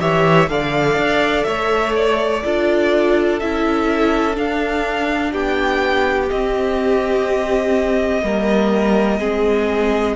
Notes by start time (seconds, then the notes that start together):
0.00 E3 G4 C#5 E5
0.49 D3 A4 D5 F5
0.97 D4
1.44 A3 C#5 E5
1.96 D5
2.45 D4 F4 A4
3.40 C#4 E4 E5
4.35 D4 F5
5.32 B3 G4 G5
6.31 C4 D#5
8.23 G3 A#3 A#4
9.20 G#3 C4 G#4